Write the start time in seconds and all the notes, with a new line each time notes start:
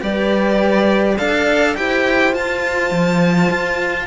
0.00 G3 G4 B4 D5
1.17 D4 A4 D5 F5
1.75 E4 G4 C5 G5
2.32 F4 A5
2.91 F3
3.50 F4